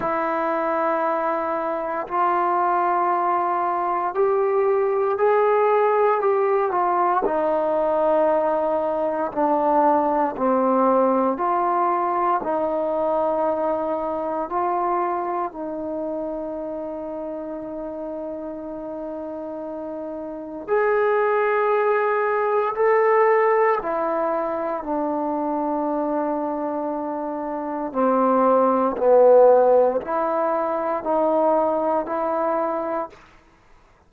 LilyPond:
\new Staff \with { instrumentName = "trombone" } { \time 4/4 \tempo 4 = 58 e'2 f'2 | g'4 gis'4 g'8 f'8 dis'4~ | dis'4 d'4 c'4 f'4 | dis'2 f'4 dis'4~ |
dis'1 | gis'2 a'4 e'4 | d'2. c'4 | b4 e'4 dis'4 e'4 | }